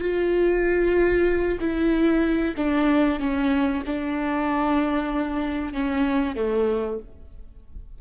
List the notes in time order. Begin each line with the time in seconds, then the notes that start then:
0.00 F4
1.59 E4
2.57 D4
3.19 C#4
3.86 D4
5.73 C#4
6.35 A3